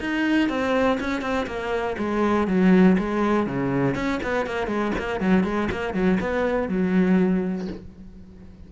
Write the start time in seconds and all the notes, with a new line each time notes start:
0.00 D#4
0.49 C4
1.00 C#4
1.21 C4
1.47 A#3
1.98 G#3
2.47 F#3
2.98 G#3
3.46 C#3
3.95 C#4
4.23 B3
4.46 A#3
4.67 G#3
4.98 A#3
5.20 F#3
5.44 G#3
5.71 A#3
5.93 F#3
6.20 B3
6.68 F#3